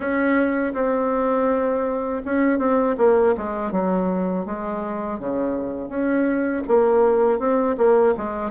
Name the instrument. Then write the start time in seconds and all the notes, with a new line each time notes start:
bassoon
0.00 C#4
0.73 C4
2.25 C#4
2.59 C4
2.97 A#3
3.37 G#3
3.71 F#3
4.45 G#3
5.19 C#3
5.89 C#4
6.67 A#3
7.39 C4
7.77 A#3
8.17 G#3